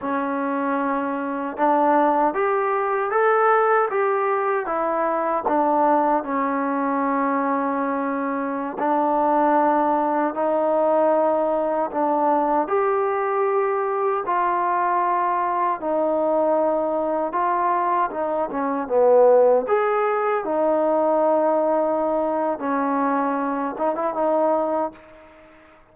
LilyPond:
\new Staff \with { instrumentName = "trombone" } { \time 4/4 \tempo 4 = 77 cis'2 d'4 g'4 | a'4 g'4 e'4 d'4 | cis'2.~ cis'16 d'8.~ | d'4~ d'16 dis'2 d'8.~ |
d'16 g'2 f'4.~ f'16~ | f'16 dis'2 f'4 dis'8 cis'16~ | cis'16 b4 gis'4 dis'4.~ dis'16~ | dis'4 cis'4. dis'16 e'16 dis'4 | }